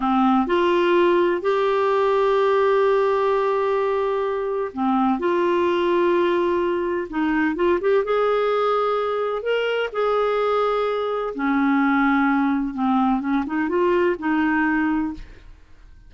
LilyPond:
\new Staff \with { instrumentName = "clarinet" } { \time 4/4 \tempo 4 = 127 c'4 f'2 g'4~ | g'1~ | g'2 c'4 f'4~ | f'2. dis'4 |
f'8 g'8 gis'2. | ais'4 gis'2. | cis'2. c'4 | cis'8 dis'8 f'4 dis'2 | }